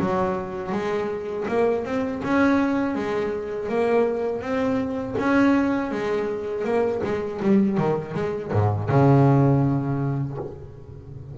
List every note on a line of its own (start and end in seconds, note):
0.00 0.72 F#3
0.72 1.46 G#3
1.48 1.85 A#3
1.85 2.22 C4
2.24 2.96 C#4
2.96 3.69 G#3
3.69 4.41 A#3
4.41 5.15 C4
5.19 5.92 C#4
5.92 6.65 G#3
6.65 7.02 A#3
7.04 7.41 G#3
7.42 7.78 G3
7.78 8.15 D#3
8.15 8.52 G#3
8.53 8.90 G#2
8.90 10.38 C#3